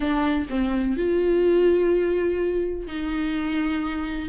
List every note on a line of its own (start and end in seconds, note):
0.00 0.46 D4
0.49 0.96 C4
0.96 2.87 F4
2.87 4.29 D#4